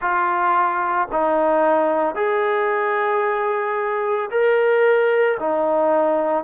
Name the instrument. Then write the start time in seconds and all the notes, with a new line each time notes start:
trombone
0.01 F4
1.11 D#4
2.15 G#4
4.31 A#4
5.39 D#4